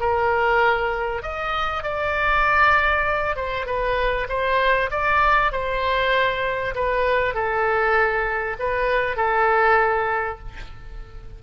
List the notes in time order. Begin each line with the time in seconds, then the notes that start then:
0.00 A#4
1.22 D#5
1.83 D5
3.36 C5
3.66 B4
4.29 C5
4.91 D5
5.52 C5
6.75 B4
7.34 A4
8.59 B4
9.16 A4